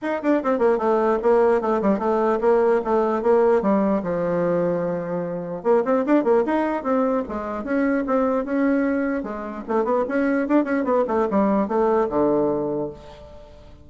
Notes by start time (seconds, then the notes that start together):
0.02 D#4
0.22 D4
0.43 C4
0.58 A#3
0.78 A3
1.22 A#3
1.61 A3
1.81 G3
1.98 A3
2.41 A#3
2.84 A3
3.22 A#3
3.61 G3
4.02 F3
5.63 A#3
5.84 C4
6.05 D4
6.23 A#3
6.45 D#4
6.83 C4
7.28 G#3
7.64 C#4
8.06 C4
8.44 C#4
9.23 G#3
9.68 A3
9.84 B3
10.08 C#4
10.48 D4
10.64 C#4
10.84 B3
11.07 A3
11.30 G3
11.68 A3
12.09 D3